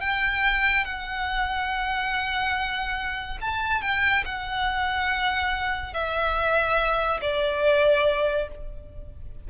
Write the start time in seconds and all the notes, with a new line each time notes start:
0.00 G5
0.84 F#5
3.41 A5
3.81 G5
4.25 F#5
5.93 E5
7.21 D5